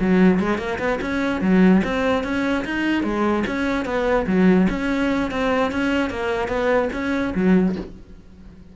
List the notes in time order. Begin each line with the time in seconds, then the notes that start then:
0.00 F#3
0.39 G#3
0.58 A#3
0.78 B3
1.01 C#4
1.41 F#3
1.83 C4
2.23 C#4
2.64 D#4
3.03 G#3
3.47 C#4
3.85 B3
4.27 F#3
4.69 C#4
5.31 C4
5.71 C#4
6.10 A#3
6.48 B3
6.93 C#4
7.35 F#3